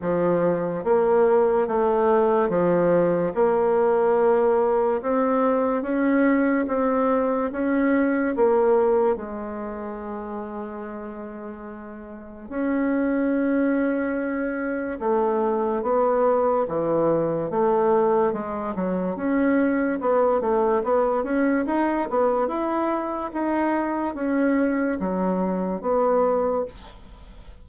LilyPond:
\new Staff \with { instrumentName = "bassoon" } { \time 4/4 \tempo 4 = 72 f4 ais4 a4 f4 | ais2 c'4 cis'4 | c'4 cis'4 ais4 gis4~ | gis2. cis'4~ |
cis'2 a4 b4 | e4 a4 gis8 fis8 cis'4 | b8 a8 b8 cis'8 dis'8 b8 e'4 | dis'4 cis'4 fis4 b4 | }